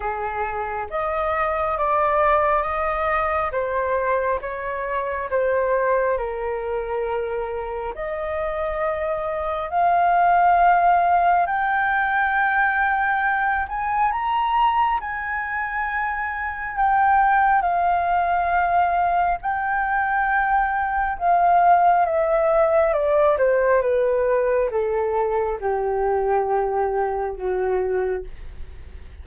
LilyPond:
\new Staff \with { instrumentName = "flute" } { \time 4/4 \tempo 4 = 68 gis'4 dis''4 d''4 dis''4 | c''4 cis''4 c''4 ais'4~ | ais'4 dis''2 f''4~ | f''4 g''2~ g''8 gis''8 |
ais''4 gis''2 g''4 | f''2 g''2 | f''4 e''4 d''8 c''8 b'4 | a'4 g'2 fis'4 | }